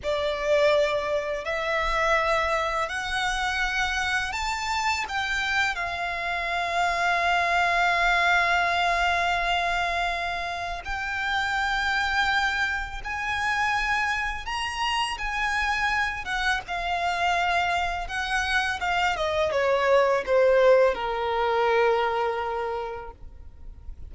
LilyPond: \new Staff \with { instrumentName = "violin" } { \time 4/4 \tempo 4 = 83 d''2 e''2 | fis''2 a''4 g''4 | f''1~ | f''2. g''4~ |
g''2 gis''2 | ais''4 gis''4. fis''8 f''4~ | f''4 fis''4 f''8 dis''8 cis''4 | c''4 ais'2. | }